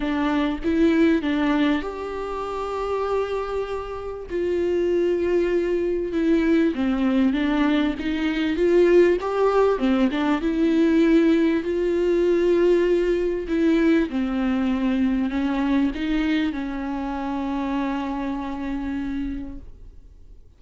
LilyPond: \new Staff \with { instrumentName = "viola" } { \time 4/4 \tempo 4 = 98 d'4 e'4 d'4 g'4~ | g'2. f'4~ | f'2 e'4 c'4 | d'4 dis'4 f'4 g'4 |
c'8 d'8 e'2 f'4~ | f'2 e'4 c'4~ | c'4 cis'4 dis'4 cis'4~ | cis'1 | }